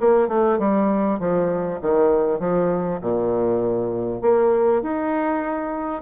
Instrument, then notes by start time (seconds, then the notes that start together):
bassoon
0.00 A#3
0.28 A3
0.58 G3
1.19 F3
1.81 D#3
2.39 F3
3.01 A#2
4.21 A#3
4.82 D#4